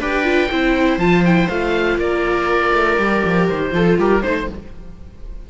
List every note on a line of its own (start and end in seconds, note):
0.00 0.50 D4
0.00 0.24 G4
0.00 0.50 B4
0.00 0.99 G5
0.24 0.49 F4
0.51 0.98 C4
0.51 1.00 E4
0.51 1.99 C5
0.98 1.48 F3
0.98 1.24 F4
0.98 1.24 A5
1.25 1.51 E4
1.25 1.49 G5
1.49 1.97 A3
1.49 3.00 F4
1.49 1.99 F5
1.97 2.72 A#3
1.97 3.72 A#4
1.97 3.48 D5
2.73 2.98 A3
2.98 3.23 G3
2.98 3.72 G4
3.25 3.50 F3
3.49 3.73 D#3
3.49 3.98 C5
3.72 3.98 F3
3.72 4.21 F4
3.72 4.00 A4
3.99 4.23 G3
3.99 4.23 G4
3.99 4.23 A#4
4.23 4.50 A3
4.23 4.48 D#4
4.23 4.48 C5